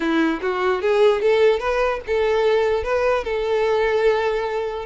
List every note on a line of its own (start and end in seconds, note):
0.00 0.40 E4
0.41 0.81 F#4
0.81 1.21 G#4
1.21 1.59 A4
1.59 2.00 B4
2.06 2.83 A4
2.83 3.24 B4
3.24 4.85 A4